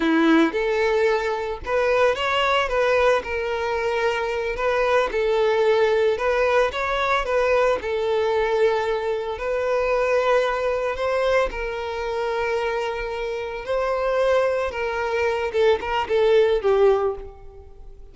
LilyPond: \new Staff \with { instrumentName = "violin" } { \time 4/4 \tempo 4 = 112 e'4 a'2 b'4 | cis''4 b'4 ais'2~ | ais'8 b'4 a'2 b'8~ | b'8 cis''4 b'4 a'4.~ |
a'4. b'2~ b'8~ | b'8 c''4 ais'2~ ais'8~ | ais'4. c''2 ais'8~ | ais'4 a'8 ais'8 a'4 g'4 | }